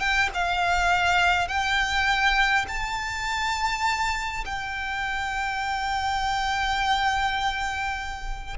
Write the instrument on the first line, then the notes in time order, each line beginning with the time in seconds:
violin
0.00 G5
0.34 F5
1.48 G5
2.68 A5
4.45 G5